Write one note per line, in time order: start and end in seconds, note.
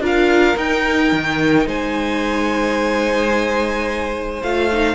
0.00 0.55 D4
0.00 0.56 F4
0.00 1.67 A#4
0.06 0.58 F5
0.56 4.41 D#4
0.56 1.12 D#4
0.56 1.68 G5
1.12 1.67 D#3
1.67 4.42 G#3
1.67 4.95 C5
1.67 4.43 G#5
4.43 4.95 A3
4.43 4.71 F4
4.43 4.95 F5
4.73 4.95 D#4